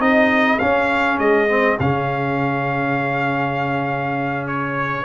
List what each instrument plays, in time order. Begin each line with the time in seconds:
0.00 tuba C4, trombone D#4, horn G#4, trumpet D#5
0.59 tuba C#4, trombone C#4, trumpet F5
1.19 tuba G#3, trumpet D#5
1.49 trombone C4
1.80 tuba C#3, trombone C#4, trumpet F5
4.48 trumpet C#5